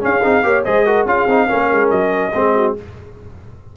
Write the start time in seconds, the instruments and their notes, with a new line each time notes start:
0.00 trombone C#4, tuba C#4, horn G#4, trumpet F5
0.23 tuba C4, trombone D#4
0.43 tuba A#3, trombone G4, horn C#5
0.64 tuba G#3, trombone G#4, horn C5, trumpet D#5
0.86 trombone F#4, horn A#4
1.05 tuba C#4, trombone F4, horn G#4, trumpet F5
1.27 tuba C4, trombone D#4
1.47 tuba A#3, trombone C#4, horn A#4
1.72 tuba G#3
1.90 tuba F#3, trumpet D#5
2.34 tuba G#3, trombone C4, horn G#4
2.56 horn F#4